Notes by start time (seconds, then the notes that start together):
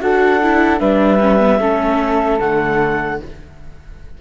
0.00 D4 F#4 A4 F#5
0.43 E4
0.79 G3 D4 B4 E5
1.21 C#4
1.40 B3
1.60 A3 C#4 A4
2.39 D3 A3 F#5